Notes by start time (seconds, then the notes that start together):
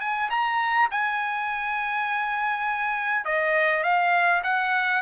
0.00 G#5
0.30 A#5
0.91 G#5
3.25 D#5
3.83 F5
4.43 F#5